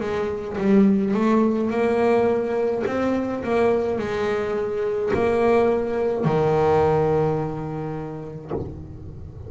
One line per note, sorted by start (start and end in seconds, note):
0.00 0.57 G#3
0.57 1.14 G3
1.14 1.70 A3
1.70 2.83 A#3
2.86 3.43 C4
3.43 3.98 A#3
3.98 5.11 G#3
5.13 6.24 A#3
6.24 8.51 D#3